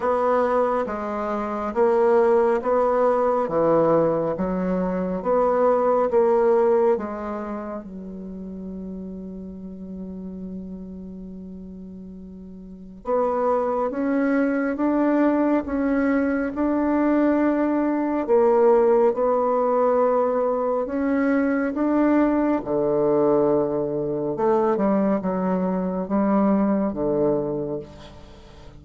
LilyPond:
\new Staff \with { instrumentName = "bassoon" } { \time 4/4 \tempo 4 = 69 b4 gis4 ais4 b4 | e4 fis4 b4 ais4 | gis4 fis2.~ | fis2. b4 |
cis'4 d'4 cis'4 d'4~ | d'4 ais4 b2 | cis'4 d'4 d2 | a8 g8 fis4 g4 d4 | }